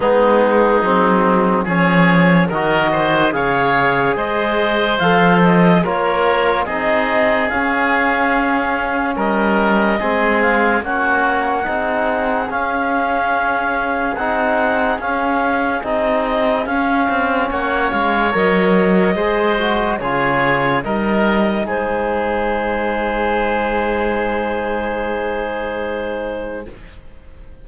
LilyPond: <<
  \new Staff \with { instrumentName = "clarinet" } { \time 4/4 \tempo 4 = 72 gis'2 cis''4 dis''4 | f''4 dis''4 f''8 dis''8 cis''4 | dis''4 f''2 dis''4~ | dis''8 f''8 fis''2 f''4~ |
f''4 fis''4 f''4 dis''4 | f''4 fis''8 f''8 dis''2 | cis''4 dis''4 c''2~ | c''1 | }
  \new Staff \with { instrumentName = "oboe" } { \time 4/4 dis'2 gis'4 ais'8 c''8 | cis''4 c''2 ais'4 | gis'2. ais'4 | gis'4 fis'4 gis'2~ |
gis'1~ | gis'4 cis''2 c''4 | gis'4 ais'4 gis'2~ | gis'1 | }
  \new Staff \with { instrumentName = "trombone" } { \time 4/4 b4 c'4 cis'4 fis'4 | gis'2 a'4 f'4 | dis'4 cis'2. | c'4 cis'4 dis'4 cis'4~ |
cis'4 dis'4 cis'4 dis'4 | cis'2 ais'4 gis'8 fis'8 | f'4 dis'2.~ | dis'1 | }
  \new Staff \with { instrumentName = "cello" } { \time 4/4 gis4 fis4 f4 dis4 | cis4 gis4 f4 ais4 | c'4 cis'2 g4 | gis4 ais4 c'4 cis'4~ |
cis'4 c'4 cis'4 c'4 | cis'8 c'8 ais8 gis8 fis4 gis4 | cis4 g4 gis2~ | gis1 | }
>>